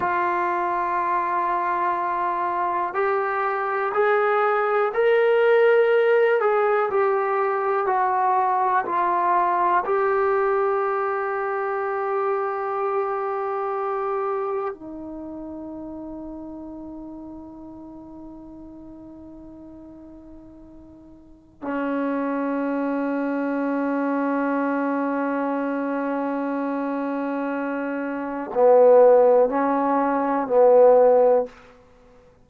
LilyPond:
\new Staff \with { instrumentName = "trombone" } { \time 4/4 \tempo 4 = 61 f'2. g'4 | gis'4 ais'4. gis'8 g'4 | fis'4 f'4 g'2~ | g'2. dis'4~ |
dis'1~ | dis'2 cis'2~ | cis'1~ | cis'4 b4 cis'4 b4 | }